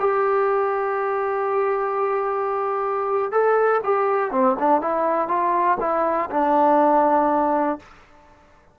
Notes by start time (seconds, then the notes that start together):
0.00 G4
3.32 A4
3.84 G4
4.32 C4
4.60 D4
4.81 E4
5.28 F4
5.80 E4
6.31 D4